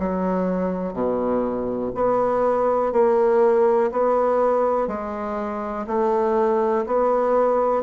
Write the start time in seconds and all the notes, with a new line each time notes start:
0.00 F#3
0.93 B2
1.95 B3
2.93 A#3
3.92 B3
4.88 G#3
5.87 A3
6.87 B3